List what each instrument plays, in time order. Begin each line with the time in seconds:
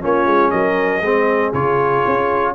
0.00 tuba A#3, trombone C#4, horn F4, trumpet C#5
0.26 tuba G#3
0.50 tuba F#3, horn A#4, trumpet D#5
1.00 tuba G#3, trombone C4, horn G#4
1.53 tuba C#3, trombone F4, trumpet C#5
2.06 tuba C#4